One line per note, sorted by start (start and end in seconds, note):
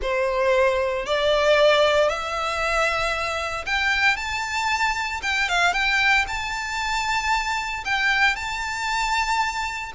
0.02 1.06 C5
1.06 2.08 D5
2.08 3.65 E5
3.65 4.16 G5
4.16 5.20 A5
5.22 5.48 G5
5.48 5.72 F5
5.72 6.25 G5
6.27 7.84 A5
7.84 8.35 G5
8.35 9.92 A5